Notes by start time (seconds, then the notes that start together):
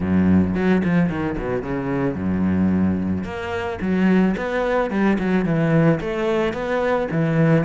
0.00 F#2
0.54 F#3
0.84 F3
1.09 D#3
1.38 B2
1.62 C#3
2.14 F#2
3.24 A#3
3.81 F#3
4.37 B3
4.90 G3
5.18 F#3
5.45 E3
6.00 A3
6.53 B3
7.11 E3